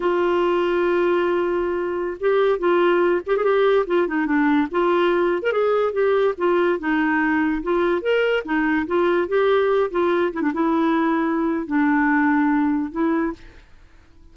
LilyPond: \new Staff \with { instrumentName = "clarinet" } { \time 4/4 \tempo 4 = 144 f'1~ | f'4~ f'16 g'4 f'4. g'16 | gis'16 g'4 f'8 dis'8 d'4 f'8.~ | f'4 ais'16 gis'4 g'4 f'8.~ |
f'16 dis'2 f'4 ais'8.~ | ais'16 dis'4 f'4 g'4. f'16~ | f'8. e'16 d'16 e'2~ e'8. | d'2. e'4 | }